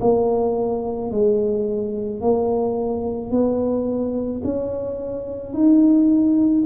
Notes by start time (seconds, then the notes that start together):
0.00 A#3
1.11 G#3
2.21 A#3
3.30 B3
4.43 C#4
5.53 D#4